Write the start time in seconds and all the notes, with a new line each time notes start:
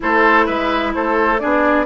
0.00 A3 E4 A4 C5
0.46 G#3 B4 E5
0.93 A3 A4 C5
1.39 B3 D4 G#4 D5